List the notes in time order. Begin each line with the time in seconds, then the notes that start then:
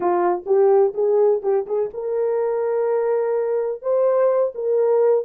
0.00 F4
0.46 G4
0.94 G#4
1.42 G4
1.66 G#4
1.93 A#4
3.82 C5
4.54 A#4